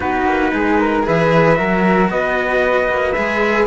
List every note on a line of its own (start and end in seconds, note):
0.00 0.25 B3
0.00 1.02 D#4
0.00 0.50 F#4
0.00 1.05 B4
0.25 0.51 A#3
0.53 1.06 G#3
0.53 0.79 G#4
0.79 1.05 A#4
1.02 1.59 E3
1.02 1.55 G#4
1.02 1.57 B4
1.02 2.10 E5
1.55 2.09 F#3
1.55 3.13 F#4
1.55 2.10 A#4
2.09 2.88 B3
2.09 3.66 B4
2.09 3.12 D#5
2.89 3.15 A#3
3.12 3.66 G#3
3.12 3.66 G#4
3.12 3.65 E5